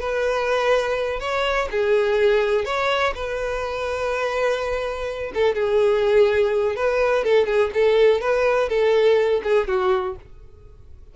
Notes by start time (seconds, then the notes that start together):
0.00 B4
1.20 C#5
1.71 G#4
2.65 C#5
3.15 B4
5.34 A4
5.55 G#4
6.76 B4
7.24 A4
7.46 G#4
7.74 A4
8.21 B4
8.69 A4
9.44 G#4
9.68 F#4